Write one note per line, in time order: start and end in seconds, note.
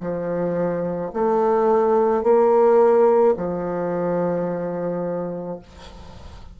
0.00 1.11 F3
1.13 2.23 A3
2.23 3.34 A#3
3.36 5.59 F3